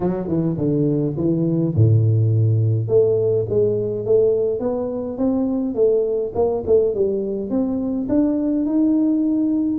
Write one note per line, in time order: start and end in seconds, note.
0.00 0.27 F#3
0.27 0.56 E3
0.57 1.15 D3
1.16 1.74 E3
1.75 2.88 A2
2.88 3.45 A3
3.49 4.05 G#3
4.05 4.59 A3
4.59 5.17 B3
5.17 5.74 C4
5.74 6.32 A3
6.35 6.63 A#3
6.66 6.94 A3
6.94 7.50 G3
7.50 8.07 C4
8.08 8.65 D4
8.65 9.79 D#4